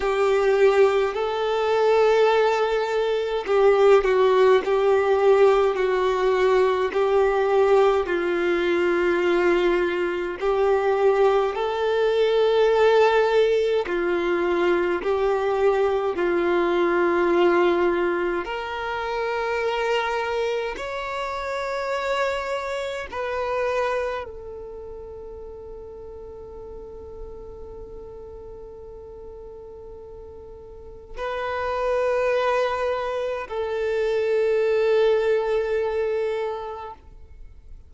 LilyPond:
\new Staff \with { instrumentName = "violin" } { \time 4/4 \tempo 4 = 52 g'4 a'2 g'8 fis'8 | g'4 fis'4 g'4 f'4~ | f'4 g'4 a'2 | f'4 g'4 f'2 |
ais'2 cis''2 | b'4 a'2.~ | a'2. b'4~ | b'4 a'2. | }